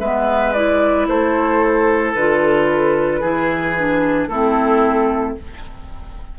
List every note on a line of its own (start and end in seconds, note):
0.00 1.07 G#3
0.00 0.55 B3
0.00 1.07 B4
0.00 0.54 E5
0.54 2.16 E4
0.54 1.07 D5
1.08 2.15 A3
1.08 3.21 A4
1.08 2.15 C5
2.15 3.22 D3
2.15 3.23 F4
2.15 4.28 B4
3.21 4.28 E3
3.21 3.76 E4
3.21 4.28 G#4
3.77 4.31 D4
4.28 5.35 A3
4.28 5.39 C4
4.28 5.37 E4
4.28 5.35 A4